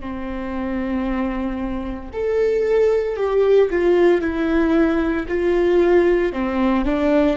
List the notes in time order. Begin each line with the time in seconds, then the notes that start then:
0.00 C4
2.12 A4
3.16 G4
3.69 F4
4.21 E4
5.28 F4
6.32 C4
6.85 D4